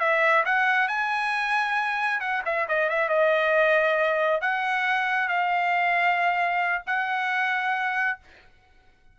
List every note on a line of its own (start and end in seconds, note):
0.00 0.44 E5
0.46 0.88 F#5
0.88 2.21 G#5
2.21 2.43 F#5
2.45 2.68 E5
2.69 2.89 D#5
2.89 3.09 E5
3.09 4.41 D#5
4.41 5.28 F#5
5.28 6.83 F5
6.86 8.19 F#5